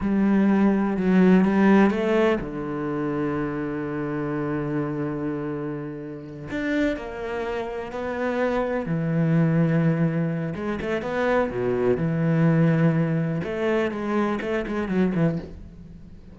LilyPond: \new Staff \with { instrumentName = "cello" } { \time 4/4 \tempo 4 = 125 g2 fis4 g4 | a4 d2.~ | d1~ | d4. d'4 ais4.~ |
ais8 b2 e4.~ | e2 gis8 a8 b4 | b,4 e2. | a4 gis4 a8 gis8 fis8 e8 | }